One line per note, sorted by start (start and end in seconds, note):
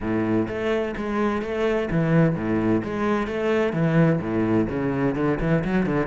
0.00 0.47 A2
0.48 0.95 A3
0.96 1.42 G#3
1.42 1.89 A3
1.90 2.35 E3
2.35 2.82 A2
2.83 3.27 G#3
3.27 3.72 A3
3.72 4.19 E3
4.20 4.67 A2
4.69 5.15 C#3
5.15 5.38 D3
5.40 5.63 E3
5.64 5.86 F#3
5.86 6.07 D3